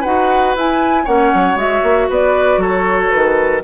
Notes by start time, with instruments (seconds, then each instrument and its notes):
0.00 bassoon D#4, clarinet F#4, oboe B4, flute F#5
0.55 bassoon E4, clarinet E4, flute G#5
1.04 bassoon A#3, clarinet C#4, oboe C#5, flute F#5
1.34 bassoon F#3
1.55 bassoon G#3, clarinet F#4, flute E5
1.83 bassoon A#3
2.09 bassoon B3, oboe B4, flute D5
2.57 bassoon F#3, oboe A4, flute C#5
3.10 bassoon D#3, flute B4